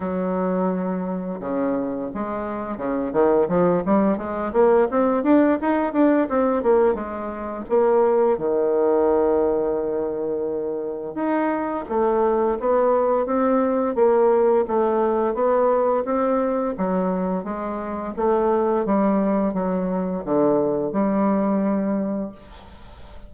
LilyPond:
\new Staff \with { instrumentName = "bassoon" } { \time 4/4 \tempo 4 = 86 fis2 cis4 gis4 | cis8 dis8 f8 g8 gis8 ais8 c'8 d'8 | dis'8 d'8 c'8 ais8 gis4 ais4 | dis1 |
dis'4 a4 b4 c'4 | ais4 a4 b4 c'4 | fis4 gis4 a4 g4 | fis4 d4 g2 | }